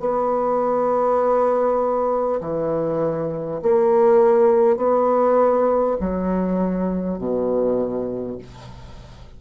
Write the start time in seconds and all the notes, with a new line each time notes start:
0.00 B3
2.41 E3
3.62 A#3
4.77 B3
6.00 F#3
7.18 B2